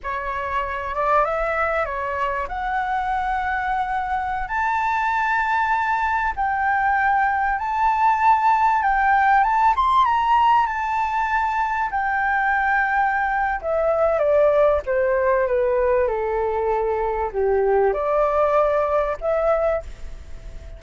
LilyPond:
\new Staff \with { instrumentName = "flute" } { \time 4/4 \tempo 4 = 97 cis''4. d''8 e''4 cis''4 | fis''2.~ fis''16 a''8.~ | a''2~ a''16 g''4.~ g''16~ | g''16 a''2 g''4 a''8 c'''16~ |
c'''16 ais''4 a''2 g''8.~ | g''2 e''4 d''4 | c''4 b'4 a'2 | g'4 d''2 e''4 | }